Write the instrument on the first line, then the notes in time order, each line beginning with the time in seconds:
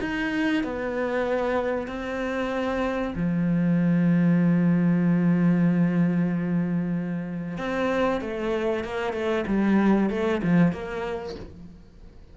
cello
0.00 D#4
0.63 B3
1.87 C4
3.15 F3
7.58 C4
8.21 A3
8.84 A#3
9.13 A3
9.47 G3
10.10 A3
10.43 F3
10.72 A#3